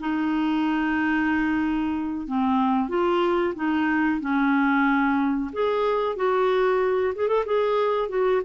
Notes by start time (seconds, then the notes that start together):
0.00 D#4
2.27 C4
2.89 F4
3.55 D#4
4.20 C#4
5.53 G#4
6.16 F#4
7.15 G#4
7.28 A4
7.46 G#4
8.09 F#4